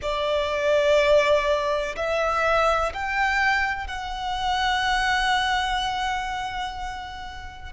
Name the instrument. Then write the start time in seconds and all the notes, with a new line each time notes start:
violin
0.02 D5
1.96 E5
2.93 G5
3.87 F#5